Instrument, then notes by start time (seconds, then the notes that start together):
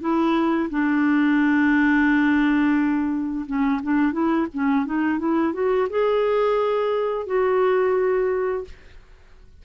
clarinet
0.00 E4
0.70 D4
3.46 C#4
3.82 D4
4.12 E4
4.53 C#4
4.85 D#4
5.18 E4
5.53 F#4
5.89 G#4
7.26 F#4